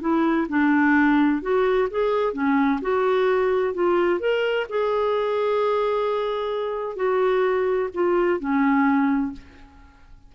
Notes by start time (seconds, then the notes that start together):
0.00 E4
0.49 D4
1.41 F#4
1.90 G#4
2.33 C#4
2.81 F#4
3.74 F4
4.19 A#4
4.69 G#4
6.96 F#4
7.93 F4
8.39 C#4